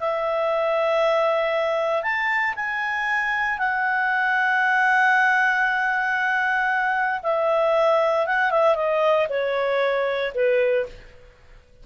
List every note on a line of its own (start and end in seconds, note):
0.00 2.02 E5
2.02 2.54 A5
2.56 3.58 G#5
3.58 7.20 F#5
7.23 8.26 E5
8.26 8.51 F#5
8.51 8.75 E5
8.75 9.27 D#5
9.29 10.32 C#5
10.34 10.86 B4